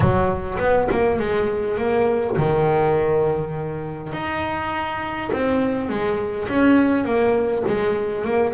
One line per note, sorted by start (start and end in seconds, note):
0.00 0.57 F#3
0.59 0.88 B3
0.91 1.19 A#3
1.19 1.77 G#3
1.77 2.36 A#3
2.36 4.12 D#3
4.12 5.30 D#4
5.32 5.89 C4
5.89 6.48 G#3
6.49 7.04 C#4
7.04 7.63 A#3
7.67 8.25 G#3
8.25 8.54 A#3